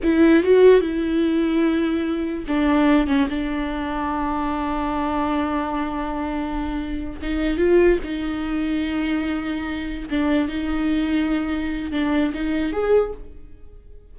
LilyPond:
\new Staff \with { instrumentName = "viola" } { \time 4/4 \tempo 4 = 146 e'4 fis'4 e'2~ | e'2 d'4. cis'8 | d'1~ | d'1~ |
d'4. dis'4 f'4 dis'8~ | dis'1~ | dis'8 d'4 dis'2~ dis'8~ | dis'4 d'4 dis'4 gis'4 | }